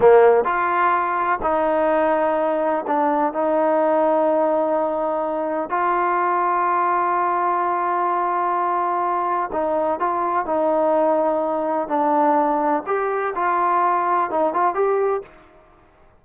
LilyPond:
\new Staff \with { instrumentName = "trombone" } { \time 4/4 \tempo 4 = 126 ais4 f'2 dis'4~ | dis'2 d'4 dis'4~ | dis'1 | f'1~ |
f'1 | dis'4 f'4 dis'2~ | dis'4 d'2 g'4 | f'2 dis'8 f'8 g'4 | }